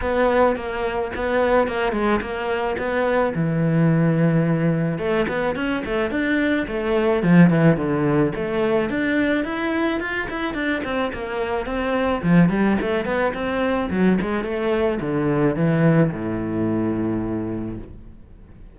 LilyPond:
\new Staff \with { instrumentName = "cello" } { \time 4/4 \tempo 4 = 108 b4 ais4 b4 ais8 gis8 | ais4 b4 e2~ | e4 a8 b8 cis'8 a8 d'4 | a4 f8 e8 d4 a4 |
d'4 e'4 f'8 e'8 d'8 c'8 | ais4 c'4 f8 g8 a8 b8 | c'4 fis8 gis8 a4 d4 | e4 a,2. | }